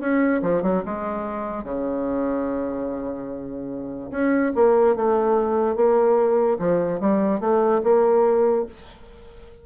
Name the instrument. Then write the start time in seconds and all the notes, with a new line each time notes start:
bassoon
0.00 C#4
0.42 F3
0.63 F#3
0.85 G#3
1.64 C#3
4.11 C#4
4.55 A#3
4.96 A3
5.76 A#3
6.59 F3
7.00 G3
7.40 A3
7.83 A#3